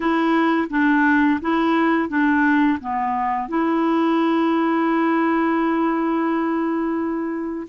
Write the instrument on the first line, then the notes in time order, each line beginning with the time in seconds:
clarinet
0.00 E4
0.70 D4
1.41 E4
2.09 D4
2.79 B3
3.48 E4